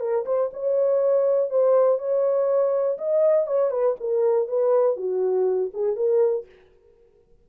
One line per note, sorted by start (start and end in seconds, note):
0.00 0.25 A#4
0.26 0.51 C5
0.53 1.50 C#5
1.50 1.99 C5
1.99 2.98 C#5
2.98 3.47 D#5
3.47 3.71 C#5
3.71 3.96 B4
4.00 4.48 A#4
4.48 4.97 B4
4.97 5.71 F#4
5.74 5.96 G#4
5.96 6.46 A#4